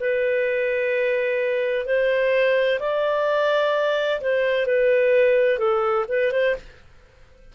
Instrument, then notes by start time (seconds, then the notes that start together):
clarinet
0.00 B4
1.86 C5
2.80 D5
4.21 C5
4.66 B4
5.59 A4
6.09 B4
6.32 C5